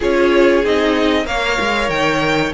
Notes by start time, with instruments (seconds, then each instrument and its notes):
0.00 cello C#4, viola F4, violin G#4 C#5
0.64 cello C4, viola D#4, violin D#5
1.24 cello A#3, viola A#4, violin C#5 F5
1.59 cello G#3
1.89 cello D#3, violin G5